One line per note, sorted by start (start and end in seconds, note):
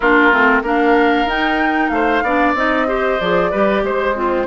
0.00 0.32 A#3
0.00 0.32 D4
0.00 0.62 F4
0.00 0.62 A#4
0.32 0.62 A3
0.32 0.64 C4
0.62 1.25 A#3
0.62 1.28 D4
0.62 1.91 A#4
0.62 1.29 F5
1.25 1.89 D#4
1.25 2.24 D#4
1.25 1.88 G5
1.88 2.22 A3
1.88 2.23 C5
1.88 2.52 F5
2.22 2.54 B3
2.22 2.56 D4
2.22 2.87 D5
2.54 3.18 C4
2.54 2.87 D#4
2.54 3.20 D#5
2.87 3.19 G4
2.87 3.50 C5
3.20 3.52 F3
3.20 3.52 G#4
3.20 3.84 D5
3.50 3.83 G3
3.50 4.15 G4
3.50 3.82 B4
3.83 4.47 G#3
3.83 4.15 C5
3.83 4.47 C5
4.15 4.47 C4
4.15 4.47 F4